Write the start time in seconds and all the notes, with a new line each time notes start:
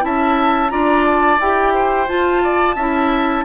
0.00 C#4 E4 E5 A5
0.69 D4 F4 D5 A#5
1.05 A5
1.39 E4 G4 G5
1.73 C5
2.07 F4 A5
2.43 D5
2.75 C#4 E4 E5